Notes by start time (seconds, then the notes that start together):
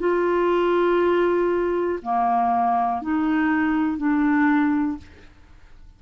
0.00 F4
2.03 A#3
3.02 D#4
3.98 D4